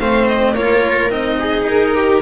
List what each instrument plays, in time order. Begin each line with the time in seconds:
0.00 double bass A3, cello C4, viola C5, violin F5
0.28 violin D#5
0.54 double bass A#3, cello F4, viola A#4, violin C#5
1.10 double bass C4, cello D#4, violin D#5
1.40 viola G#4
1.65 double bass D#4, violin A#4
1.95 viola G4